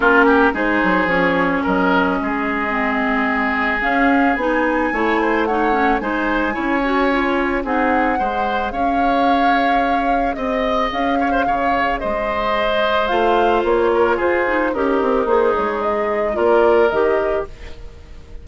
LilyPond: <<
  \new Staff \with { instrumentName = "flute" } { \time 4/4 \tempo 4 = 110 ais'4 c''4 cis''4 dis''4~ | dis''2. f''4 | gis''2 fis''4 gis''4~ | gis''2 fis''2 |
f''2. dis''4 | f''2 dis''2 | f''4 cis''4 c''4 ais'4 | c''8 cis''8 dis''4 d''4 dis''4 | }
  \new Staff \with { instrumentName = "oboe" } { \time 4/4 f'8 g'8 gis'2 ais'4 | gis'1~ | gis'4 cis''8 c''8 cis''4 c''4 | cis''2 gis'4 c''4 |
cis''2. dis''4~ | dis''8 cis''16 c''16 cis''4 c''2~ | c''4. ais'8 gis'4 dis'4~ | dis'2 ais'2 | }
  \new Staff \with { instrumentName = "clarinet" } { \time 4/4 cis'4 dis'4 cis'2~ | cis'4 c'2 cis'4 | dis'4 e'4 dis'8 cis'8 dis'4 | e'8 fis'8 f'4 dis'4 gis'4~ |
gis'1~ | gis'1 | f'2~ f'8 dis'8 g'4 | gis'2 f'4 g'4 | }
  \new Staff \with { instrumentName = "bassoon" } { \time 4/4 ais4 gis8 fis8 f4 fis4 | gis2. cis'4 | b4 a2 gis4 | cis'2 c'4 gis4 |
cis'2. c'4 | cis'4 cis4 gis2 | a4 ais4 f'4 cis'8 c'8 | ais8 gis4. ais4 dis4 | }
>>